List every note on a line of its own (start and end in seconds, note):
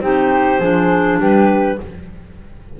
0.00 0.59 C4
0.00 0.60 D#4
0.00 0.60 G4
0.00 1.19 C5
0.59 1.18 F3
0.59 1.78 D4
0.59 1.19 G#4
1.19 1.78 G3
1.19 1.78 G4
1.19 1.79 B4